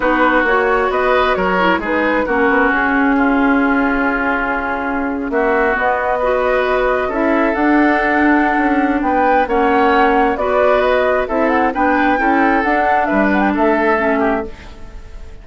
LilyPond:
<<
  \new Staff \with { instrumentName = "flute" } { \time 4/4 \tempo 4 = 133 b'4 cis''4 dis''4 cis''4 | b'4 ais'4 gis'2~ | gis'2.~ gis'8. e''16~ | e''8. dis''2. e''16~ |
e''8. fis''2.~ fis''16 | g''4 fis''2 d''4 | dis''4 e''8 fis''8 g''2 | fis''4 e''8 fis''16 g''16 e''2 | }
  \new Staff \with { instrumentName = "oboe" } { \time 4/4 fis'2 b'4 ais'4 | gis'4 fis'2 f'4~ | f'2.~ f'8. fis'16~ | fis'4.~ fis'16 b'2 a'16~ |
a'1 | b'4 cis''2 b'4~ | b'4 a'4 b'4 a'4~ | a'4 b'4 a'4. g'8 | }
  \new Staff \with { instrumentName = "clarinet" } { \time 4/4 dis'4 fis'2~ fis'8 e'8 | dis'4 cis'2.~ | cis'1~ | cis'8. b4 fis'2 e'16~ |
e'8. d'2.~ d'16~ | d'4 cis'2 fis'4~ | fis'4 e'4 d'4 e'4 | d'2. cis'4 | }
  \new Staff \with { instrumentName = "bassoon" } { \time 4/4 b4 ais4 b4 fis4 | gis4 ais8 b8 cis'2~ | cis'2.~ cis'8. ais16~ | ais8. b2. cis'16~ |
cis'8. d'2~ d'16 cis'4 | b4 ais2 b4~ | b4 c'4 b4 cis'4 | d'4 g4 a2 | }
>>